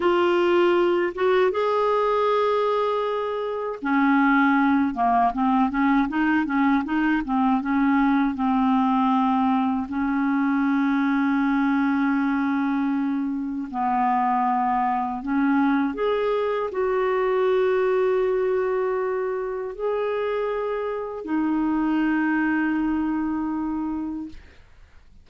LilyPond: \new Staff \with { instrumentName = "clarinet" } { \time 4/4 \tempo 4 = 79 f'4. fis'8 gis'2~ | gis'4 cis'4. ais8 c'8 cis'8 | dis'8 cis'8 dis'8 c'8 cis'4 c'4~ | c'4 cis'2.~ |
cis'2 b2 | cis'4 gis'4 fis'2~ | fis'2 gis'2 | dis'1 | }